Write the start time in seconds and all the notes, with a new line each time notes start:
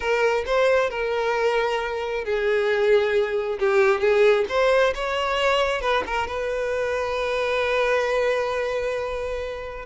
0.00 A#4
0.46 C5
0.90 A#4
2.24 G#4
3.59 G4
4.00 G#4
4.48 C5
4.95 C#5
5.81 B4
6.06 A#4
6.27 B4